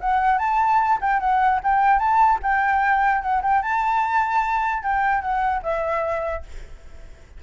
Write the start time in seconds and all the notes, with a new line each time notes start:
0.00 F#5
0.38 A5
1.01 G5
1.20 F#5
1.63 G5
1.99 A5
2.43 G5
3.22 F#5
3.42 G5
3.62 A5
4.83 G5
5.21 F#5
5.62 E5